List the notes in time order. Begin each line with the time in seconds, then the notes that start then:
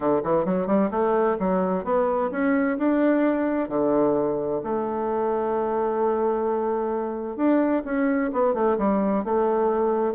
0.00 D3
0.23 E3
0.45 F#3
0.67 G3
0.90 A3
1.39 F#3
1.84 B3
2.31 C#4
2.77 D4
3.68 D3
4.63 A3
7.36 D4
7.84 C#4
8.32 B3
8.54 A3
8.78 G3
9.24 A3